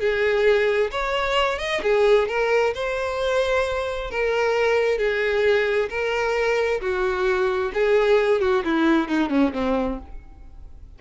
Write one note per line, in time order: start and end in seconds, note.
0.00 0.91 G#4
0.91 1.58 C#5
1.58 1.81 D#5
1.83 2.28 G#4
2.28 2.74 A#4
2.74 4.11 C5
4.11 4.98 A#4
4.98 5.89 G#4
5.90 6.81 A#4
6.81 7.72 F#4
7.74 8.41 G#4
8.41 8.64 F#4
8.64 9.08 E4
9.08 9.30 D#4
9.30 9.52 C#4
9.54 9.99 C4